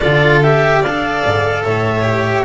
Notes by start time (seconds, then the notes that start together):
0.00 D3 F4 A4 D5
0.41 G4 E5
0.80 D4 D5 F5
0.86 A4
1.24 G#2
1.63 A2 C#5 E5
2.02 G4